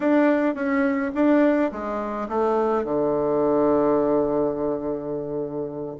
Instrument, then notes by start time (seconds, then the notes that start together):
bassoon
0.00 D4
0.55 C#4
1.14 D4
1.71 G#3
2.28 A3
2.84 D3